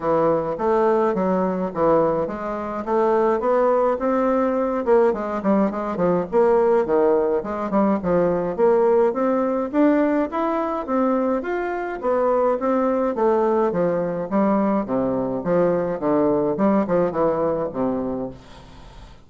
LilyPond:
\new Staff \with { instrumentName = "bassoon" } { \time 4/4 \tempo 4 = 105 e4 a4 fis4 e4 | gis4 a4 b4 c'4~ | c'8 ais8 gis8 g8 gis8 f8 ais4 | dis4 gis8 g8 f4 ais4 |
c'4 d'4 e'4 c'4 | f'4 b4 c'4 a4 | f4 g4 c4 f4 | d4 g8 f8 e4 c4 | }